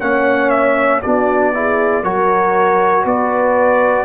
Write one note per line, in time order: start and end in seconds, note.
0.00 1.03 A#3
0.00 1.02 C#4
0.00 1.02 C#5
0.00 0.50 F#5
0.50 1.01 E5
1.02 2.03 B3
1.02 1.53 D4
1.02 1.53 F#4
1.02 2.04 D5
1.53 2.04 E4
1.53 2.03 G#4
2.03 3.05 F#3
2.03 4.05 F#4
2.03 3.04 A#4
2.03 3.06 C#5
3.04 4.05 B3
3.04 4.05 B4
3.04 4.05 D5